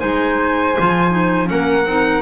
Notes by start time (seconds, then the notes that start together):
0.00 G#3 D#4 C5 G#5
0.79 F3 F4
1.11 D#4
1.46 A#3 C#4 A#4 F#5
1.86 C4 D#4